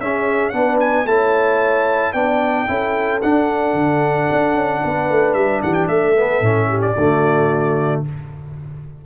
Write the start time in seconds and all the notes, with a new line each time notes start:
0.00 C#4 G#4 E5
0.50 B3 D4 B4 F#5
0.80 G#5
1.05 A3 E4 C#5 A5
2.13 B3 D4 D5 G5
2.67 C#4 E4 A4
3.22 D4 F#5
3.74 D3
4.32 D4
4.54 C#4
4.84 B3 B4
5.10 A3
5.34 G3 E5
5.62 E3 G4 F#5
5.73 G5
5.88 A3 A4 E5
6.16 B3
6.41 A2 C#4
6.68 G4
6.81 D5
6.97 D3 A3 F#4